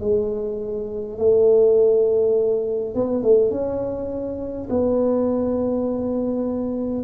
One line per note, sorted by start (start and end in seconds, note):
0.00 1.18 G#3
1.18 2.94 A3
2.94 3.22 B3
3.22 3.50 A3
3.50 4.68 C#4
4.70 7.04 B3